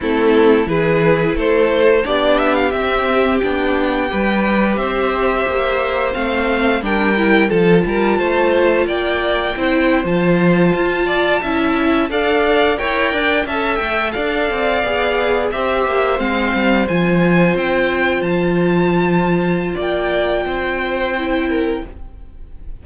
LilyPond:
<<
  \new Staff \with { instrumentName = "violin" } { \time 4/4 \tempo 4 = 88 a'4 b'4 c''4 d''8 e''16 f''16 | e''4 g''2 e''4~ | e''4 f''4 g''4 a''4~ | a''4 g''4.~ g''16 a''4~ a''16~ |
a''4.~ a''16 f''4 g''4 a''16~ | a''16 g''8 f''2 e''4 f''16~ | f''8. gis''4 g''4 a''4~ a''16~ | a''4 g''2. | }
  \new Staff \with { instrumentName = "violin" } { \time 4/4 e'4 gis'4 a'4 g'4~ | g'2 b'4 c''4~ | c''2 ais'4 a'8 ais'8 | c''4 d''4 c''2~ |
c''16 d''8 e''4 d''4 cis''8 d''8 e''16~ | e''8. d''2 c''4~ c''16~ | c''1~ | c''4 d''4 c''4. ais'8 | }
  \new Staff \with { instrumentName = "viola" } { \time 4/4 c'4 e'2 d'4 | c'4 d'4 g'2~ | g'4 c'4 d'8 e'8 f'4~ | f'2 e'8. f'4~ f'16~ |
f'8. e'4 a'4 ais'4 a'16~ | a'4.~ a'16 gis'4 g'4 c'16~ | c'8. f'2.~ f'16~ | f'2. e'4 | }
  \new Staff \with { instrumentName = "cello" } { \time 4/4 a4 e4 a4 b4 | c'4 b4 g4 c'4 | ais4 a4 g4 f8 g8 | a4 ais4 c'8. f4 f'16~ |
f'8. cis'4 d'4 e'8 d'8 cis'16~ | cis'16 a8 d'8 c'8 b4 c'8 ais8 gis16~ | gis16 g8 f4 c'4 f4~ f16~ | f4 ais4 c'2 | }
>>